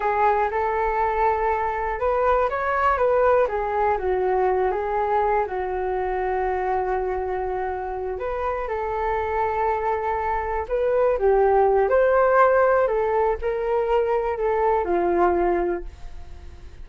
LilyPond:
\new Staff \with { instrumentName = "flute" } { \time 4/4 \tempo 4 = 121 gis'4 a'2. | b'4 cis''4 b'4 gis'4 | fis'4. gis'4. fis'4~ | fis'1~ |
fis'8 b'4 a'2~ a'8~ | a'4. b'4 g'4. | c''2 a'4 ais'4~ | ais'4 a'4 f'2 | }